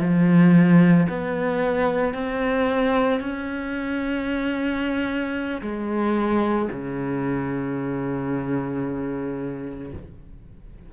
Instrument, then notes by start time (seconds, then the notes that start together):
cello
0.00 F3
1.09 B3
2.14 C4
3.20 C#4
5.62 G#3
6.72 C#3